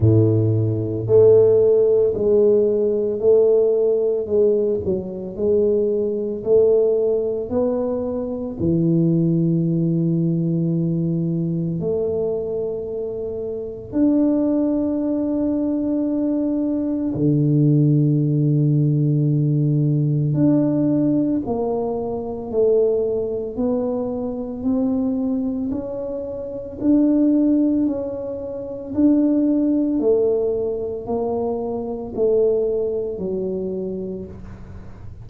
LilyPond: \new Staff \with { instrumentName = "tuba" } { \time 4/4 \tempo 4 = 56 a,4 a4 gis4 a4 | gis8 fis8 gis4 a4 b4 | e2. a4~ | a4 d'2. |
d2. d'4 | ais4 a4 b4 c'4 | cis'4 d'4 cis'4 d'4 | a4 ais4 a4 fis4 | }